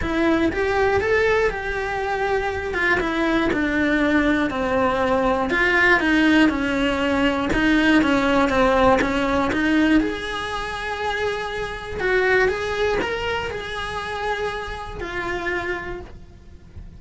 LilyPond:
\new Staff \with { instrumentName = "cello" } { \time 4/4 \tempo 4 = 120 e'4 g'4 a'4 g'4~ | g'4. f'8 e'4 d'4~ | d'4 c'2 f'4 | dis'4 cis'2 dis'4 |
cis'4 c'4 cis'4 dis'4 | gis'1 | fis'4 gis'4 ais'4 gis'4~ | gis'2 f'2 | }